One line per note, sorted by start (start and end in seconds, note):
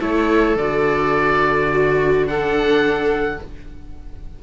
0.00 0.56 A3
0.00 0.57 E4
0.00 1.70 A4
0.00 0.57 C#5
0.56 3.39 D3
0.56 2.25 F#4
0.56 2.27 D5
1.73 2.30 F#4
2.25 3.39 D4
2.25 3.43 A4
2.25 3.41 F#5